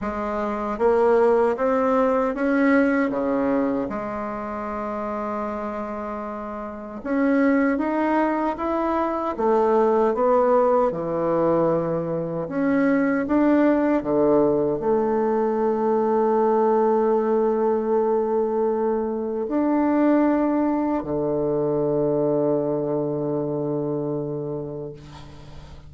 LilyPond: \new Staff \with { instrumentName = "bassoon" } { \time 4/4 \tempo 4 = 77 gis4 ais4 c'4 cis'4 | cis4 gis2.~ | gis4 cis'4 dis'4 e'4 | a4 b4 e2 |
cis'4 d'4 d4 a4~ | a1~ | a4 d'2 d4~ | d1 | }